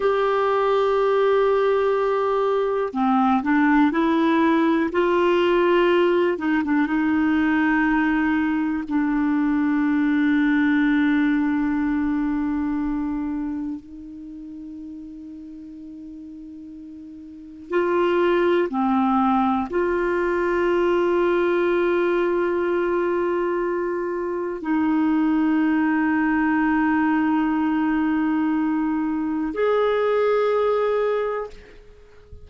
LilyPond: \new Staff \with { instrumentName = "clarinet" } { \time 4/4 \tempo 4 = 61 g'2. c'8 d'8 | e'4 f'4. dis'16 d'16 dis'4~ | dis'4 d'2.~ | d'2 dis'2~ |
dis'2 f'4 c'4 | f'1~ | f'4 dis'2.~ | dis'2 gis'2 | }